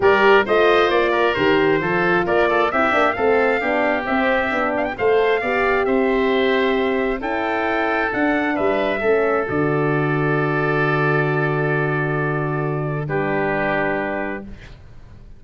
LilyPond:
<<
  \new Staff \with { instrumentName = "trumpet" } { \time 4/4 \tempo 4 = 133 d''4 dis''4 d''4 c''4~ | c''4 d''4 e''4 f''4~ | f''4 e''4. f''16 g''16 f''4~ | f''4 e''2. |
g''2 fis''4 e''4~ | e''4 d''2.~ | d''1~ | d''4 b'2. | }
  \new Staff \with { instrumentName = "oboe" } { \time 4/4 ais'4 c''4. ais'4. | a'4 ais'8 a'8 g'4 a'4 | g'2. c''4 | d''4 c''2. |
a'2. b'4 | a'1~ | a'1~ | a'4 g'2. | }
  \new Staff \with { instrumentName = "horn" } { \time 4/4 g'4 f'2 g'4 | f'2 e'8 d'8 c'4 | d'4 c'4 d'4 a'4 | g'1 |
e'2 d'2 | cis'4 fis'2.~ | fis'1~ | fis'4 d'2. | }
  \new Staff \with { instrumentName = "tuba" } { \time 4/4 g4 a4 ais4 dis4 | f4 ais4 c'8 ais8 a4 | b4 c'4 b4 a4 | b4 c'2. |
cis'2 d'4 g4 | a4 d2.~ | d1~ | d4 g2. | }
>>